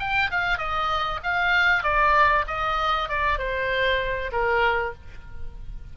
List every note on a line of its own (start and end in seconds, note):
0.00 0.31 G5
0.31 0.58 F5
0.58 1.20 D#5
1.24 1.84 F5
1.84 2.46 D5
2.48 3.10 D#5
3.10 3.39 D5
3.39 4.32 C5
4.32 4.94 A#4